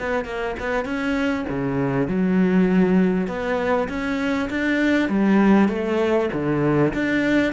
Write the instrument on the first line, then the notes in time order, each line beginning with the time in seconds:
cello
0.00 B3
0.25 A#3
0.60 B3
0.85 C#4
1.50 C#3
2.09 F#3
3.28 B3
3.89 C#4
4.50 D4
5.09 G3
5.69 A3
6.33 D3
6.94 D4